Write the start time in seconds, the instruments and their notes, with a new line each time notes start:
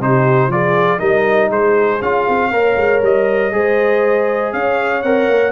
0.00 tuba C3, trombone D#4, horn G4, trumpet C5
0.48 tuba F3, trombone F4, horn G#4, trumpet D5
0.98 tuba G3, trombone D#4, horn A#4, trumpet D#5
1.50 tuba G#3, horn G#4, trumpet C5
2.01 tuba C#4, trombone F4, trumpet F5
2.29 tuba C4
2.51 tuba A#3, trombone A#4, horn C#5
2.76 tuba G#3
3.02 tuba G3, trumpet D#5
3.52 tuba G#3, trombone G#4, horn C5
4.53 tuba C#4, horn C#5, trumpet F5
5.02 tuba C4, trombone A#4, trumpet F#5
5.29 tuba A#3